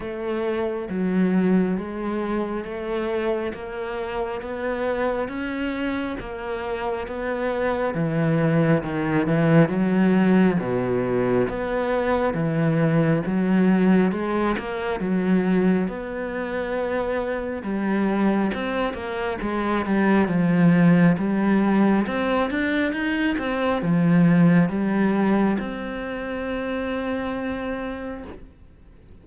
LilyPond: \new Staff \with { instrumentName = "cello" } { \time 4/4 \tempo 4 = 68 a4 fis4 gis4 a4 | ais4 b4 cis'4 ais4 | b4 e4 dis8 e8 fis4 | b,4 b4 e4 fis4 |
gis8 ais8 fis4 b2 | g4 c'8 ais8 gis8 g8 f4 | g4 c'8 d'8 dis'8 c'8 f4 | g4 c'2. | }